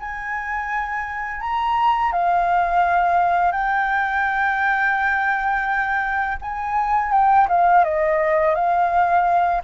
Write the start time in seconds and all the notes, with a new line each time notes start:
0.00 G#5
1.41 A#5
2.13 F5
3.52 G5
6.42 G#5
7.12 G5
7.49 F5
7.85 D#5
8.55 F5